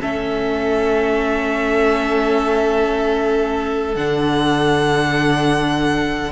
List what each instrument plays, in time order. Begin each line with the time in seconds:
0.00 cello A3, viola C#4, violin A4 E5
3.95 cello D3, viola D4, violin F#5